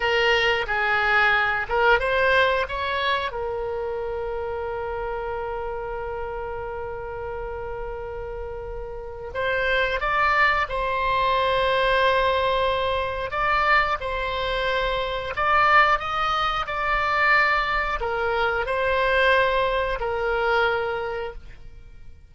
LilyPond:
\new Staff \with { instrumentName = "oboe" } { \time 4/4 \tempo 4 = 90 ais'4 gis'4. ais'8 c''4 | cis''4 ais'2.~ | ais'1~ | ais'2 c''4 d''4 |
c''1 | d''4 c''2 d''4 | dis''4 d''2 ais'4 | c''2 ais'2 | }